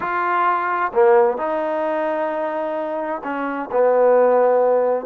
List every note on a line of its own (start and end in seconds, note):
0.00 0.91 F4
0.93 1.37 A#3
1.37 3.22 D#4
3.23 3.69 C#4
3.71 5.05 B3